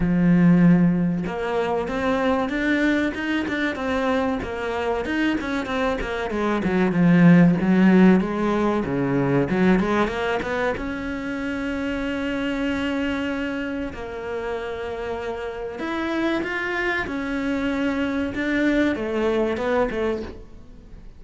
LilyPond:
\new Staff \with { instrumentName = "cello" } { \time 4/4 \tempo 4 = 95 f2 ais4 c'4 | d'4 dis'8 d'8 c'4 ais4 | dis'8 cis'8 c'8 ais8 gis8 fis8 f4 | fis4 gis4 cis4 fis8 gis8 |
ais8 b8 cis'2.~ | cis'2 ais2~ | ais4 e'4 f'4 cis'4~ | cis'4 d'4 a4 b8 a8 | }